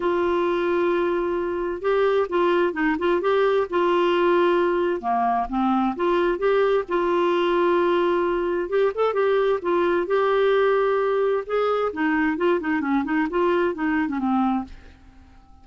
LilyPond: \new Staff \with { instrumentName = "clarinet" } { \time 4/4 \tempo 4 = 131 f'1 | g'4 f'4 dis'8 f'8 g'4 | f'2. ais4 | c'4 f'4 g'4 f'4~ |
f'2. g'8 a'8 | g'4 f'4 g'2~ | g'4 gis'4 dis'4 f'8 dis'8 | cis'8 dis'8 f'4 dis'8. cis'16 c'4 | }